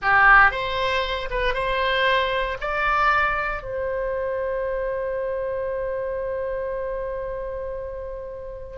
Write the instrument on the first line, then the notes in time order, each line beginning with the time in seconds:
oboe
0.02 G4
0.51 C5
1.30 B4
1.54 C5
2.60 D5
3.62 C5